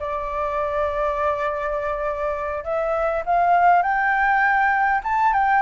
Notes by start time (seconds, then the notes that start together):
0.00 D5
2.64 E5
3.26 F5
3.83 G5
5.04 A5
5.34 G5